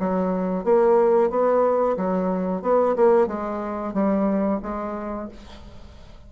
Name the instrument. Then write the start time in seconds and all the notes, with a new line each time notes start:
bassoon
0.00 F#3
0.65 A#3
1.30 B3
1.97 F#3
2.62 B3
2.96 A#3
3.28 G#3
3.94 G3
4.62 G#3